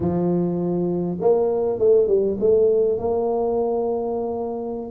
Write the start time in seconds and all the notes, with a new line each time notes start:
0.00 F3
1.20 A#3
1.78 A3
2.07 G3
2.40 A3
2.98 A#3